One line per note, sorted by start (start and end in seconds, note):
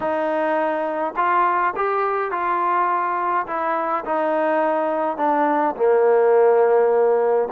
0.00 1.14 D#4
1.16 1.74 F4
1.76 2.31 G4
2.31 3.46 F4
3.46 4.04 E4
4.04 5.17 D#4
5.17 5.75 D4
5.75 7.48 A#3